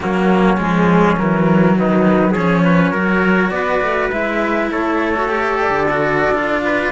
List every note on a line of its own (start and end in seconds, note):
0.00 0.59 F#3
0.00 0.57 A#3
0.00 1.78 C#4
0.00 0.59 F#4
0.57 1.18 F3
0.57 1.16 G#3
0.57 1.17 G#4
1.17 1.76 E3
1.17 2.35 F#3
1.17 1.76 A#4
1.76 2.35 D#3
1.76 2.31 D#4
1.76 2.33 B4
2.31 2.92 F3
2.31 2.94 C#4
2.31 2.60 G#4
2.31 3.49 C#5
2.64 2.91 B4
2.91 3.50 F#3
2.91 4.11 F#4
2.91 3.50 A#4
3.49 3.80 B3
3.49 4.71 B4
3.49 4.08 D5
3.81 4.11 A3
4.12 4.70 G#3
4.12 5.15 E4
4.12 4.71 E5
4.71 5.69 A3
4.71 6.62 A4
4.71 5.59 C#5
5.16 5.28 F#4
5.28 5.87 G4
5.60 6.91 D5
5.69 6.28 D3
5.91 6.34 F#4
6.30 6.89 D4
6.30 6.91 F4
6.64 6.91 B4